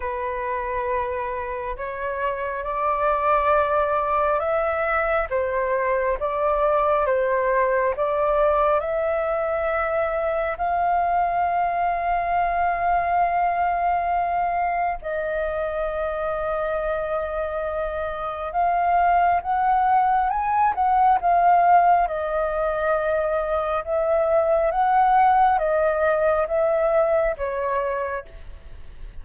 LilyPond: \new Staff \with { instrumentName = "flute" } { \time 4/4 \tempo 4 = 68 b'2 cis''4 d''4~ | d''4 e''4 c''4 d''4 | c''4 d''4 e''2 | f''1~ |
f''4 dis''2.~ | dis''4 f''4 fis''4 gis''8 fis''8 | f''4 dis''2 e''4 | fis''4 dis''4 e''4 cis''4 | }